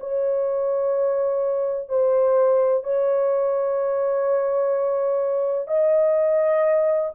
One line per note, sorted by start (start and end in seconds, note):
0.00 1.89 C#5
1.89 2.84 C5
2.84 5.68 C#5
5.68 7.10 D#5